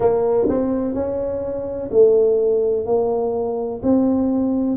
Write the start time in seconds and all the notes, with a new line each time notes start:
0.00 A#3
0.48 C4
0.94 C#4
1.91 A3
2.86 A#3
3.83 C4